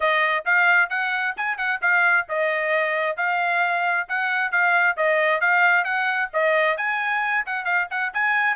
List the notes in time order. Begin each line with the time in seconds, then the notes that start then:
0.00 D#5
0.45 F5
0.89 F#5
1.36 G#5
1.57 F#5
1.81 F5
2.28 D#5
3.16 F5
4.08 F#5
4.51 F5
4.96 D#5
5.40 F5
5.84 F#5
6.33 D#5
6.77 G#5
7.46 F#5
7.65 F5
7.90 F#5
8.13 G#5